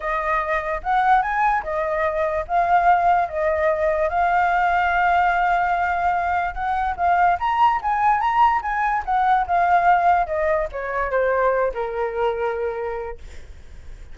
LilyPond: \new Staff \with { instrumentName = "flute" } { \time 4/4 \tempo 4 = 146 dis''2 fis''4 gis''4 | dis''2 f''2 | dis''2 f''2~ | f''1 |
fis''4 f''4 ais''4 gis''4 | ais''4 gis''4 fis''4 f''4~ | f''4 dis''4 cis''4 c''4~ | c''8 ais'2.~ ais'8 | }